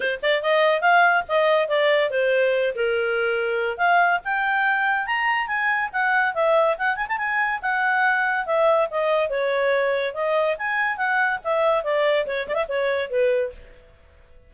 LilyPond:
\new Staff \with { instrumentName = "clarinet" } { \time 4/4 \tempo 4 = 142 c''8 d''8 dis''4 f''4 dis''4 | d''4 c''4. ais'4.~ | ais'4 f''4 g''2 | ais''4 gis''4 fis''4 e''4 |
fis''8 gis''16 a''16 gis''4 fis''2 | e''4 dis''4 cis''2 | dis''4 gis''4 fis''4 e''4 | d''4 cis''8 d''16 e''16 cis''4 b'4 | }